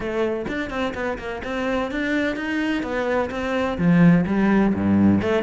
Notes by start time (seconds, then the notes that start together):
0.00 A3
0.47 D4
0.70 C4
0.94 B3
1.18 A#3
1.44 C4
1.91 D4
2.36 D#4
2.82 B3
3.30 C4
3.78 F3
4.26 G3
4.74 G2
5.21 A3